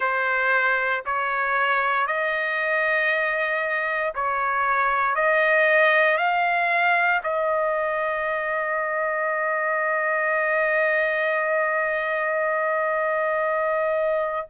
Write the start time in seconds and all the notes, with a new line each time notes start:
0.00 C5
1.05 C#5
2.06 D#5
4.14 C#5
5.14 D#5
6.17 F5
7.23 D#5